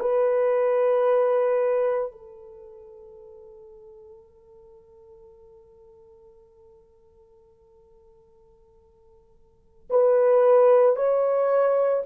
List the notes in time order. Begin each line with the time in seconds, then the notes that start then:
0.00 B4
2.12 A4
9.91 B4
10.97 C#5